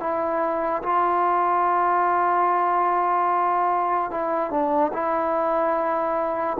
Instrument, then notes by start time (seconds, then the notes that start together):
trombone
0.00 E4
0.83 F4
4.11 E4
4.51 D4
4.93 E4